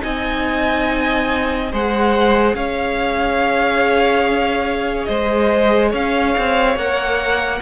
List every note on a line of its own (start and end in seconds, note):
0.00 1.73 C4
0.00 1.69 D#4
0.00 1.72 D#5
0.00 1.72 G#5
1.72 2.54 G#3
1.72 6.79 G#4
1.72 2.56 C5
1.72 2.55 F#5
2.54 5.08 C#4
2.54 5.08 C#5
2.54 5.05 F5
5.05 5.93 G#3
5.05 5.90 C5
5.05 5.90 D#5
5.90 6.36 C#4
5.90 7.59 C#5
5.90 6.78 F5
6.38 6.76 C4
6.76 7.61 A#3
6.76 7.62 A#4
6.76 7.62 F#5